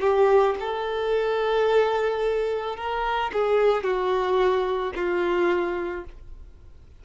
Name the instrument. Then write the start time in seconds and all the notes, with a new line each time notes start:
violin
0.00 G4
0.60 A4
2.76 A#4
3.32 G#4
3.83 F#4
4.95 F4